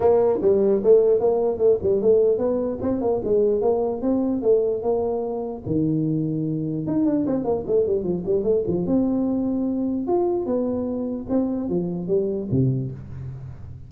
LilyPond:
\new Staff \with { instrumentName = "tuba" } { \time 4/4 \tempo 4 = 149 ais4 g4 a4 ais4 | a8 g8 a4 b4 c'8 ais8 | gis4 ais4 c'4 a4 | ais2 dis2~ |
dis4 dis'8 d'8 c'8 ais8 a8 g8 | f8 g8 a8 f8 c'2~ | c'4 f'4 b2 | c'4 f4 g4 c4 | }